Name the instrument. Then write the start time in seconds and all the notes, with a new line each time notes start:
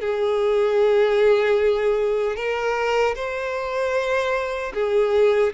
violin
0.00 G#4
2.35 A#4
3.15 C5
4.74 G#4